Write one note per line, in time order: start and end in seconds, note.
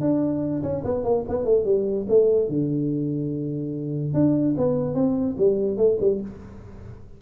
0.00 0.62 D4
0.62 0.83 C#4
0.84 1.03 B3
1.03 1.24 A#3
1.28 1.44 B3
1.44 1.64 A3
1.64 2.06 G3
2.08 2.48 A3
2.48 4.13 D3
4.13 4.55 D4
4.57 4.94 B3
4.94 5.35 C4
5.37 5.77 G3
5.77 5.97 A3
6.00 6.21 G3